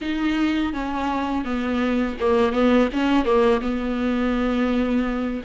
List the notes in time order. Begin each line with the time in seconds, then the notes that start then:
0.01 D#4
0.73 C#4
1.45 B3
2.20 A#3
2.52 B3
2.92 C#4
3.24 A#3
3.61 B3